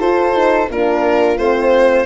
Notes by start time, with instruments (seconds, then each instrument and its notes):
0.00 tuba F4, horn F4, flute A4, violin C5
0.34 horn D#4
0.71 tuba A#3, horn D4, flute F4, violin A#4
1.38 tuba A3, horn C4, violin C5